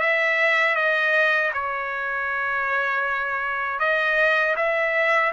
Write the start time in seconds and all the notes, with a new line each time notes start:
0.00 E5
0.75 D#5
1.53 C#5
3.79 D#5
4.56 E5